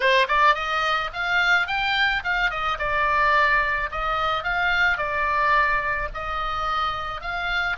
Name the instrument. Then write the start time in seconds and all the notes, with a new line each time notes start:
oboe
0.00 C5
0.28 D5
0.54 D#5
1.13 F5
1.67 G5
2.23 F5
2.50 D#5
2.79 D5
3.91 D#5
4.43 F5
4.97 D5
6.13 D#5
7.21 F5